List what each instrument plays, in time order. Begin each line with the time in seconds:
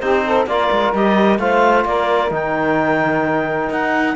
0.00 cello C4, trombone D#4, saxophone G4, clarinet C5
0.26 saxophone A4
0.47 cello A#3, trombone F4, saxophone A#4, clarinet D5
0.72 cello G#3
0.94 cello G3, trombone G4, clarinet D#5
1.39 cello A3, trombone F4, saxophone C5, clarinet F5
1.85 cello A#3, saxophone A#4, clarinet D5
2.31 cello D#3, trombone D#4, clarinet G5
3.70 cello D#4, clarinet F#5